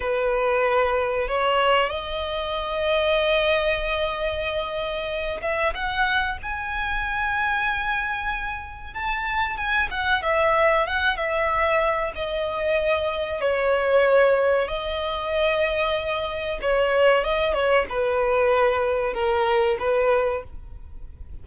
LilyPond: \new Staff \with { instrumentName = "violin" } { \time 4/4 \tempo 4 = 94 b'2 cis''4 dis''4~ | dis''1~ | dis''8 e''8 fis''4 gis''2~ | gis''2 a''4 gis''8 fis''8 |
e''4 fis''8 e''4. dis''4~ | dis''4 cis''2 dis''4~ | dis''2 cis''4 dis''8 cis''8 | b'2 ais'4 b'4 | }